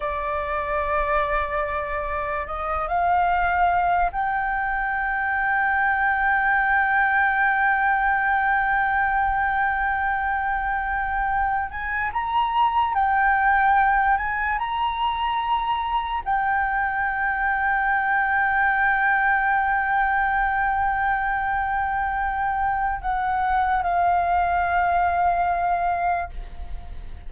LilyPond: \new Staff \with { instrumentName = "flute" } { \time 4/4 \tempo 4 = 73 d''2. dis''8 f''8~ | f''4 g''2.~ | g''1~ | g''2~ g''16 gis''8 ais''4 g''16~ |
g''4~ g''16 gis''8 ais''2 g''16~ | g''1~ | g''1 | fis''4 f''2. | }